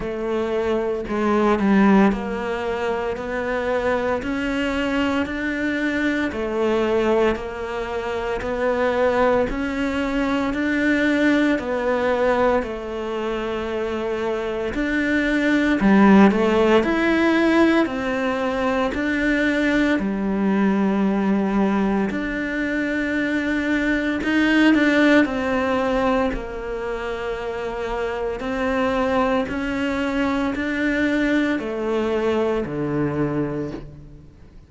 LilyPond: \new Staff \with { instrumentName = "cello" } { \time 4/4 \tempo 4 = 57 a4 gis8 g8 ais4 b4 | cis'4 d'4 a4 ais4 | b4 cis'4 d'4 b4 | a2 d'4 g8 a8 |
e'4 c'4 d'4 g4~ | g4 d'2 dis'8 d'8 | c'4 ais2 c'4 | cis'4 d'4 a4 d4 | }